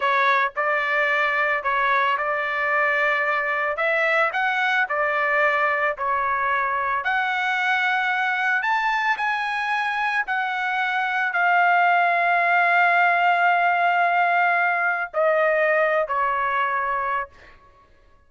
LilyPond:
\new Staff \with { instrumentName = "trumpet" } { \time 4/4 \tempo 4 = 111 cis''4 d''2 cis''4 | d''2. e''4 | fis''4 d''2 cis''4~ | cis''4 fis''2. |
a''4 gis''2 fis''4~ | fis''4 f''2.~ | f''1 | dis''4.~ dis''16 cis''2~ cis''16 | }